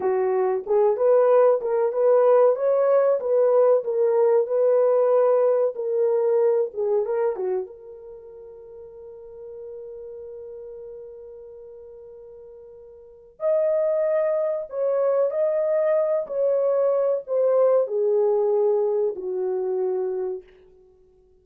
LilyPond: \new Staff \with { instrumentName = "horn" } { \time 4/4 \tempo 4 = 94 fis'4 gis'8 b'4 ais'8 b'4 | cis''4 b'4 ais'4 b'4~ | b'4 ais'4. gis'8 ais'8 fis'8 | ais'1~ |
ais'1~ | ais'4 dis''2 cis''4 | dis''4. cis''4. c''4 | gis'2 fis'2 | }